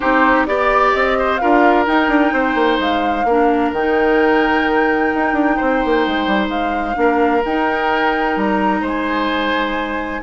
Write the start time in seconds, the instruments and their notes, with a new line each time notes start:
0.00 bassoon C4, clarinet D#4, oboe G4, flute C5
0.45 bassoon B3, clarinet G4, flute D5, oboe D5
0.92 bassoon C4, flute D#5
1.18 oboe C5
1.37 bassoon D4, clarinet F4, oboe A#4, flute F5
1.86 clarinet D#4, bassoon D#4, flute G5
2.08 bassoon D4
2.32 bassoon C4, oboe C5
2.54 bassoon A#3
2.79 bassoon G#3, flute F5
3.24 bassoon A#3, clarinet D4, oboe A#4
3.72 bassoon D#3, clarinet D#4, flute G5
5.14 bassoon D#4
5.32 bassoon D4
5.56 bassoon C4, oboe C5
5.84 bassoon A#3
6.06 bassoon G#3
6.26 bassoon G3
6.48 bassoon G#3, flute F5
6.94 bassoon A#3, clarinet D4, oboe A#4
7.44 bassoon D#4, clarinet D#4, flute G5
8.36 bassoon G3, flute A#5
8.81 bassoon G#3, oboe C5, flute G#5